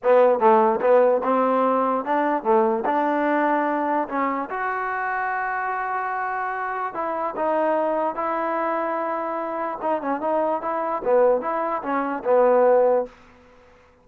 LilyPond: \new Staff \with { instrumentName = "trombone" } { \time 4/4 \tempo 4 = 147 b4 a4 b4 c'4~ | c'4 d'4 a4 d'4~ | d'2 cis'4 fis'4~ | fis'1~ |
fis'4 e'4 dis'2 | e'1 | dis'8 cis'8 dis'4 e'4 b4 | e'4 cis'4 b2 | }